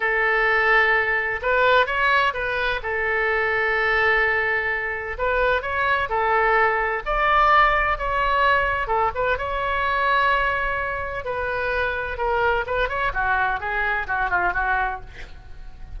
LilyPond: \new Staff \with { instrumentName = "oboe" } { \time 4/4 \tempo 4 = 128 a'2. b'4 | cis''4 b'4 a'2~ | a'2. b'4 | cis''4 a'2 d''4~ |
d''4 cis''2 a'8 b'8 | cis''1 | b'2 ais'4 b'8 cis''8 | fis'4 gis'4 fis'8 f'8 fis'4 | }